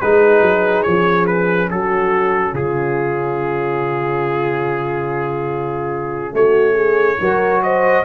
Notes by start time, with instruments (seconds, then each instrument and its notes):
0.00 tuba G#3, trombone D#4, horn G#4, trumpet B4
0.41 tuba F#3
0.82 tuba F3, trombone C#4, trumpet C#5
1.26 trumpet B4
1.70 tuba F#3, horn F#4, trumpet A4
2.53 tuba C#3, horn F4, trumpet G#4
6.32 tuba A3, horn F#4, trumpet C#5
6.73 horn G#4
7.20 tuba F#3, trombone F#4, horn A#4
7.62 horn C5, trumpet D#5